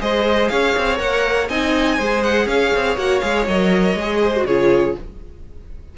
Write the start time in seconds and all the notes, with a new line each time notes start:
0.00 G#3 G#4 C5 D#5
0.49 C#4 C#5 F5
0.78 C4
0.96 A#3 A#4 F#5
1.48 C4 D#4 D#5 G#5
1.97 G#3 G#4 C5
2.23 F#5
2.46 C#4 C#5 F5
2.76 C4
2.97 A#3 F#4 F#5
3.20 G#3 G#4 F5
3.48 F#3 A#4 D#5
3.94 G#3 G#4
4.23 C5
4.37 F#4
4.46 C#3 F4 G#4 C#5